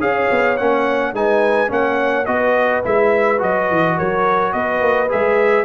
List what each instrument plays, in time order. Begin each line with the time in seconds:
0.00 tuba C#4, trombone G#4, horn C#5, trumpet F5
0.31 tuba B3
0.57 tuba A#3, trombone C#4, trumpet F#5
1.13 tuba G#3, trombone D#4, horn B4, trumpet G#5
1.68 tuba A#3, trombone C#4, horn C#5, trumpet F#5
2.25 tuba B3, trombone F#4, horn B4, trumpet D#5
2.84 tuba G#3, trombone E4, trumpet E5
3.38 tuba F#3, trombone F#4, trumpet D#5
3.70 tuba E3
3.97 tuba F#3, horn A#4, trumpet C#5
4.53 tuba B3, horn B4, trumpet D#5
4.81 tuba A#3
5.09 tuba G#3, trombone G#4, trumpet E5